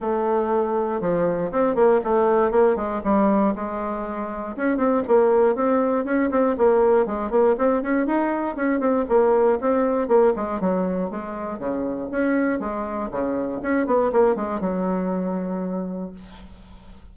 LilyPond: \new Staff \with { instrumentName = "bassoon" } { \time 4/4 \tempo 4 = 119 a2 f4 c'8 ais8 | a4 ais8 gis8 g4 gis4~ | gis4 cis'8 c'8 ais4 c'4 | cis'8 c'8 ais4 gis8 ais8 c'8 cis'8 |
dis'4 cis'8 c'8 ais4 c'4 | ais8 gis8 fis4 gis4 cis4 | cis'4 gis4 cis4 cis'8 b8 | ais8 gis8 fis2. | }